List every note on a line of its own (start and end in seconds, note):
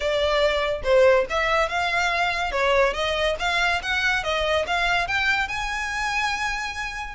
0.00 0.81 D5
0.83 1.25 C5
1.29 1.68 E5
1.68 2.51 F5
2.51 2.93 C#5
2.93 3.36 D#5
3.39 3.81 F5
3.82 4.23 F#5
4.23 4.65 D#5
4.67 5.07 F5
5.07 5.48 G5
5.48 7.15 G#5